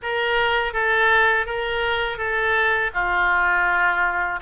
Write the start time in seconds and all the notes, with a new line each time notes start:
0.02 A#4
0.73 A4
1.46 A#4
2.18 A4
2.93 F4